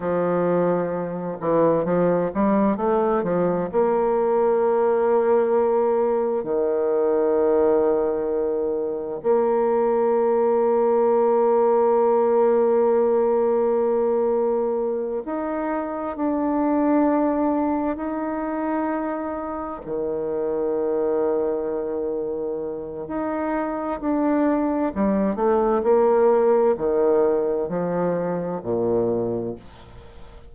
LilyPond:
\new Staff \with { instrumentName = "bassoon" } { \time 4/4 \tempo 4 = 65 f4. e8 f8 g8 a8 f8 | ais2. dis4~ | dis2 ais2~ | ais1~ |
ais8 dis'4 d'2 dis'8~ | dis'4. dis2~ dis8~ | dis4 dis'4 d'4 g8 a8 | ais4 dis4 f4 ais,4 | }